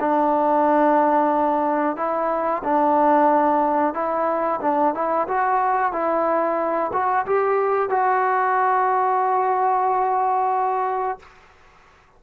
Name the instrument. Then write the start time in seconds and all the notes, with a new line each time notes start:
trombone
0.00 D4
1.97 E4
2.64 D4
3.94 E4
4.62 D4
4.95 E4
5.28 F#4
5.93 E4
6.93 F#4
7.26 G4
7.90 F#4